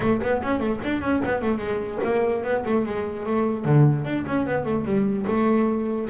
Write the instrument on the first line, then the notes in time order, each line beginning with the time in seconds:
double bass
0.00 A3
0.21 B3
0.42 C#4
0.60 A3
0.84 D4
1.01 C#4
1.25 B3
1.41 A3
1.58 G#3
2.03 A#3
2.43 B3
2.65 A3
2.85 G#3
3.26 A3
3.64 D3
4.04 D4
4.26 C#4
4.46 B3
4.64 A3
4.84 G3
5.27 A3